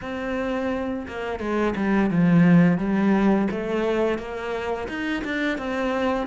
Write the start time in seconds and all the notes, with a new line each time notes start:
0.01 C4
1.07 A#3
1.39 G#3
1.76 G3
2.10 F3
2.78 G3
3.50 A3
4.18 A#3
4.88 D#4
5.24 D4
5.58 C4